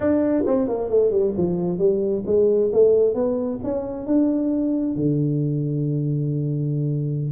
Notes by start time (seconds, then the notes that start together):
0.00 D4
0.46 C4
0.67 A#3
0.89 A3
1.11 G3
1.37 F3
1.78 G3
2.26 G#3
2.72 A3
3.14 B3
3.63 C#4
4.06 D4
4.95 D3